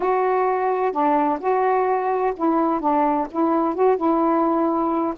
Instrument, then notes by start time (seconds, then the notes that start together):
saxophone
0.00 F#4
0.91 D4
1.40 F#4
2.36 E4
2.80 D4
3.31 E4
3.74 F#4
3.96 E4